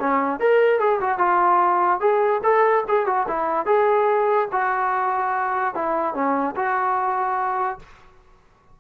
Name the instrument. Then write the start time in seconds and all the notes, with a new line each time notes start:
trombone
0.00 C#4
0.40 A#4
0.80 G#4
1.01 F#4
1.19 F4
2.01 G#4
2.44 A4
2.88 G#4
3.06 F#4
3.28 E4
3.66 G#4
4.52 F#4
5.75 E4
6.14 C#4
6.56 F#4